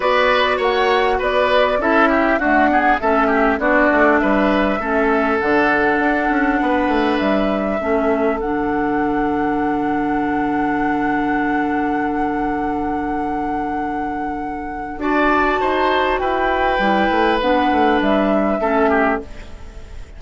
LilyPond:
<<
  \new Staff \with { instrumentName = "flute" } { \time 4/4 \tempo 4 = 100 d''4 fis''4 d''4 e''4 | fis''4 e''4 d''4 e''4~ | e''4 fis''2. | e''2 fis''2~ |
fis''1~ | fis''1~ | fis''4 a''2 g''4~ | g''4 fis''4 e''2 | }
  \new Staff \with { instrumentName = "oboe" } { \time 4/4 b'4 cis''4 b'4 a'8 g'8 | fis'8 gis'8 a'8 g'8 fis'4 b'4 | a'2. b'4~ | b'4 a'2.~ |
a'1~ | a'1~ | a'4 d''4 c''4 b'4~ | b'2. a'8 g'8 | }
  \new Staff \with { instrumentName = "clarinet" } { \time 4/4 fis'2. e'4 | a8 b8 cis'4 d'2 | cis'4 d'2.~ | d'4 cis'4 d'2~ |
d'1~ | d'1~ | d'4 fis'2. | e'4 d'2 cis'4 | }
  \new Staff \with { instrumentName = "bassoon" } { \time 4/4 b4 ais4 b4 cis'4 | d'4 a4 b8 a8 g4 | a4 d4 d'8 cis'8 b8 a8 | g4 a4 d2~ |
d1~ | d1~ | d4 d'4 dis'4 e'4 | g8 a8 b8 a8 g4 a4 | }
>>